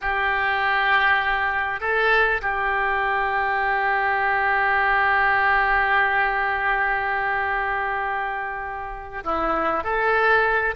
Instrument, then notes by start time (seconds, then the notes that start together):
oboe
0.01 G4
1.80 A4
2.41 G4
9.23 E4
9.83 A4